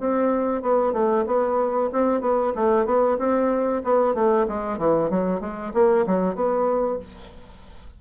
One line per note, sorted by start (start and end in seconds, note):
0.00 0.62 C4
0.62 0.93 B3
0.93 1.25 A3
1.26 1.90 B3
1.93 2.21 C4
2.21 2.53 B3
2.55 2.85 A3
2.85 3.17 B3
3.18 3.82 C4
3.84 4.14 B3
4.14 4.46 A3
4.48 4.78 G#3
4.78 5.10 E3
5.10 5.40 F#3
5.40 5.72 G#3
5.74 6.06 A#3
6.07 6.35 F#3
6.35 6.99 B3